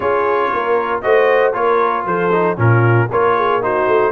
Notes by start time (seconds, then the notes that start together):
0.00 C#4 F4 G#4 C#5
0.52 A#3 A#4
1.01 A3 F#4 C5 D#5
1.53 A#3 F4 A#4 C#5
2.05 F3 A4 C5
2.32 D#4
2.56 A#2 C#4 F4 A#4
3.11 A#3 F4 A#4 C#5
3.36 G#4
3.61 D#4 F#4 C5
3.87 A3